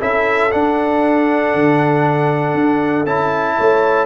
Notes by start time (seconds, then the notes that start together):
0.00 C#4 E4 A4 E5
0.51 D4 F#5
1.55 D3
2.54 D4
3.06 C#4 E4 A5
3.57 A3 C#5